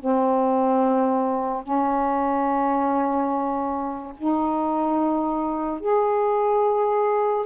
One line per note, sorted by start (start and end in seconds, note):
0.00 1.63 C4
1.63 4.13 C#4
4.18 5.80 D#4
5.80 7.46 G#4